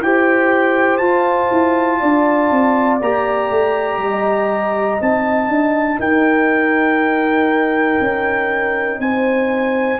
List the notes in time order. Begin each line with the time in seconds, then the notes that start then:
0.00 E4 G4 C5 G5
0.97 F4 A5
1.51 E4
1.99 D4 D5
2.50 C4
3.01 A#3 G4 A#5
3.50 A3
3.98 G3 D#5
5.00 C4 D#4 A5
5.48 D4
5.99 D#4 A#4 G5
8.01 C#4
8.99 C4 C5 G#5